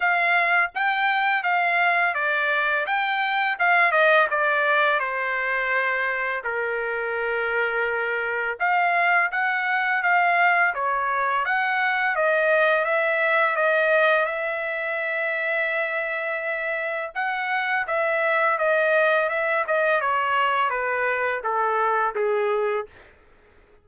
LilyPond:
\new Staff \with { instrumentName = "trumpet" } { \time 4/4 \tempo 4 = 84 f''4 g''4 f''4 d''4 | g''4 f''8 dis''8 d''4 c''4~ | c''4 ais'2. | f''4 fis''4 f''4 cis''4 |
fis''4 dis''4 e''4 dis''4 | e''1 | fis''4 e''4 dis''4 e''8 dis''8 | cis''4 b'4 a'4 gis'4 | }